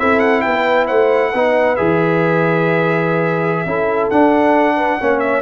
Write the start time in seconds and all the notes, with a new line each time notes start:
0.00 C4 E4 A4 E5
0.20 F#5
0.42 B3 B4 G5
0.87 A3 C5 F#5
1.34 B3 D#4 B4
1.77 E3 G#4 E5
3.66 C#4 E4 A4
4.11 D4 F#5
4.76 B4
5.00 A#3 C#4 C#5
5.20 E5